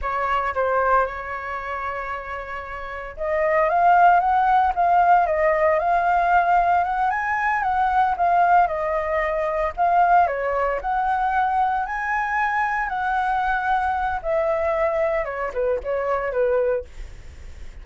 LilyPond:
\new Staff \with { instrumentName = "flute" } { \time 4/4 \tempo 4 = 114 cis''4 c''4 cis''2~ | cis''2 dis''4 f''4 | fis''4 f''4 dis''4 f''4~ | f''4 fis''8 gis''4 fis''4 f''8~ |
f''8 dis''2 f''4 cis''8~ | cis''8 fis''2 gis''4.~ | gis''8 fis''2~ fis''8 e''4~ | e''4 cis''8 b'8 cis''4 b'4 | }